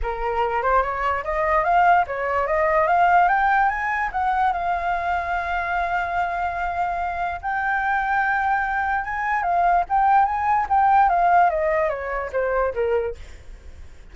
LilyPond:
\new Staff \with { instrumentName = "flute" } { \time 4/4 \tempo 4 = 146 ais'4. c''8 cis''4 dis''4 | f''4 cis''4 dis''4 f''4 | g''4 gis''4 fis''4 f''4~ | f''1~ |
f''2 g''2~ | g''2 gis''4 f''4 | g''4 gis''4 g''4 f''4 | dis''4 cis''4 c''4 ais'4 | }